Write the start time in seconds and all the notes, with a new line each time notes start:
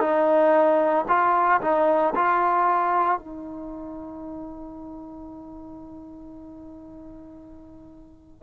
0.00 D#4
1.08 F4
1.61 D#4
2.15 F4
3.18 D#4